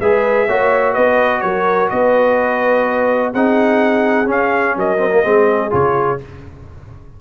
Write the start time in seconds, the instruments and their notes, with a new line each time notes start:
0.00 tuba G#3, trombone G#4, horn B4, trumpet E5
0.48 tuba A#3, trombone F#4, horn C#5
0.94 tuba B3, horn B4, trumpet D#5
1.41 tuba F#3, horn A#4, trumpet C#5
1.90 tuba B3, horn B4, trumpet D#5
3.33 tuba C4, trombone D#4, horn G#4, trumpet F#5
4.26 trombone C#4, tuba C#4, trumpet F5
4.76 tuba F#3, horn A#4, trumpet D#5
4.98 trombone C4
5.12 trombone A#3
5.23 tuba G#3, trombone C4, horn G#4
5.71 tuba C#3, trombone F4, trumpet C#5